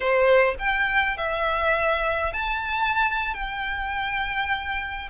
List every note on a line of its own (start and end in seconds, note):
0.00 0.55 C5
0.58 1.17 G5
1.17 2.33 E5
2.33 3.33 A5
3.33 5.08 G5